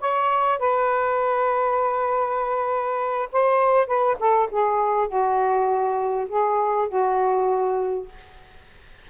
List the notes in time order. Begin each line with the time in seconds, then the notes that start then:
0.00 C#5
0.59 B4
3.32 C5
3.87 B4
4.19 A4
4.51 G#4
5.08 F#4
6.29 G#4
6.89 F#4